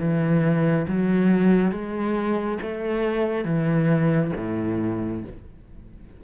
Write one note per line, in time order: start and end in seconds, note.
0.00 0.87 E3
0.89 1.72 F#3
1.72 2.59 G#3
2.62 3.45 A3
3.45 4.32 E3
4.37 5.24 A2